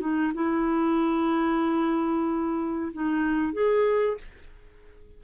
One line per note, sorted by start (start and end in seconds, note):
0.00 0.32 D#4
0.34 2.92 E4
2.93 3.52 D#4
3.52 4.17 G#4